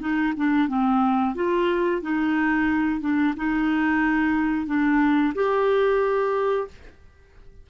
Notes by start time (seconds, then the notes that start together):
0.00 D#4
0.36 D4
0.68 C4
1.35 F4
2.02 D#4
3.00 D4
3.36 D#4
4.66 D4
5.34 G4